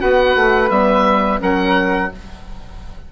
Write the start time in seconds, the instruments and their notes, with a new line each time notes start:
0.00 bassoon B3, saxophone F#4, flute B4, oboe F#5
0.36 bassoon A3
0.70 bassoon G3, saxophone B3, oboe E5
1.39 bassoon F#3, saxophone C#4, flute A#4, oboe F#5